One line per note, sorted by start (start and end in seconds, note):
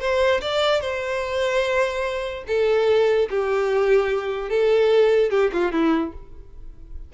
0.00 0.41 C5
0.41 0.81 D5
0.81 2.44 C5
2.47 3.29 A4
3.30 4.50 G4
4.50 5.31 A4
5.31 5.51 G4
5.53 5.72 F4
5.72 6.13 E4